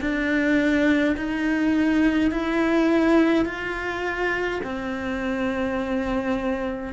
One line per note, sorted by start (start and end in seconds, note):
0.00 1.15 D4
1.16 2.31 D#4
2.31 3.45 E4
3.45 4.60 F4
4.63 6.93 C4